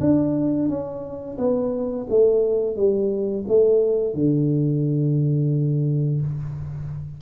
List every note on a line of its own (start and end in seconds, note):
0.00 0.69 D4
0.69 1.38 C#4
1.38 2.07 B3
2.09 2.76 A3
2.76 3.45 G3
3.48 4.14 A3
4.14 6.21 D3